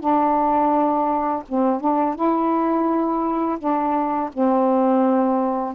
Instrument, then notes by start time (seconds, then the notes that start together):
saxophone
0.00 D4
1.48 C4
1.80 D4
2.15 E4
3.58 D4
4.33 C4